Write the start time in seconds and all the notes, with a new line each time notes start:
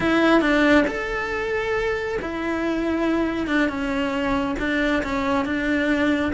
0.00 E4
0.41 D4
0.87 A4
2.21 E4
3.47 D4
3.68 C#4
4.59 D4
5.03 C#4
5.45 D4